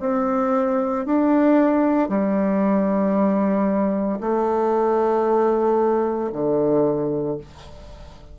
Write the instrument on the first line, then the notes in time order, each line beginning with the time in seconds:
bassoon
0.00 C4
1.06 D4
2.09 G3
4.21 A3
6.33 D3